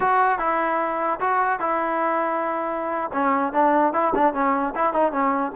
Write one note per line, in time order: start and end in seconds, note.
0.00 0.38 F#4
0.38 1.19 E4
1.20 1.59 F#4
1.59 3.10 E4
3.13 3.53 C#4
3.53 3.93 D4
3.93 4.13 E4
4.14 4.33 D4
4.33 4.73 C#4
4.75 4.93 E4
4.93 5.11 D#4
5.11 5.52 C#4